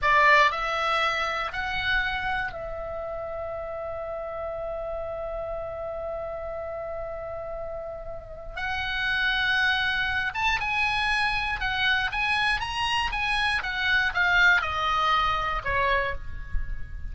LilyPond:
\new Staff \with { instrumentName = "oboe" } { \time 4/4 \tempo 4 = 119 d''4 e''2 fis''4~ | fis''4 e''2.~ | e''1~ | e''1~ |
e''4 fis''2.~ | fis''8 a''8 gis''2 fis''4 | gis''4 ais''4 gis''4 fis''4 | f''4 dis''2 cis''4 | }